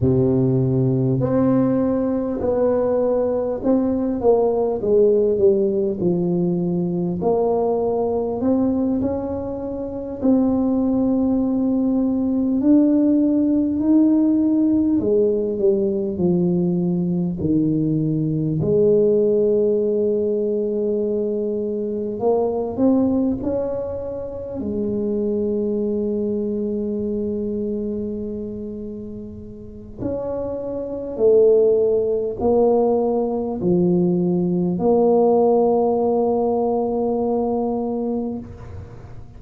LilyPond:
\new Staff \with { instrumentName = "tuba" } { \time 4/4 \tempo 4 = 50 c4 c'4 b4 c'8 ais8 | gis8 g8 f4 ais4 c'8 cis'8~ | cis'8 c'2 d'4 dis'8~ | dis'8 gis8 g8 f4 dis4 gis8~ |
gis2~ gis8 ais8 c'8 cis'8~ | cis'8 gis2.~ gis8~ | gis4 cis'4 a4 ais4 | f4 ais2. | }